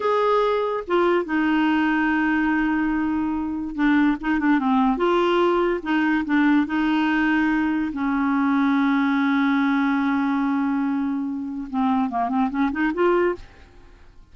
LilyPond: \new Staff \with { instrumentName = "clarinet" } { \time 4/4 \tempo 4 = 144 gis'2 f'4 dis'4~ | dis'1~ | dis'4 d'4 dis'8 d'8 c'4 | f'2 dis'4 d'4 |
dis'2. cis'4~ | cis'1~ | cis'1 | c'4 ais8 c'8 cis'8 dis'8 f'4 | }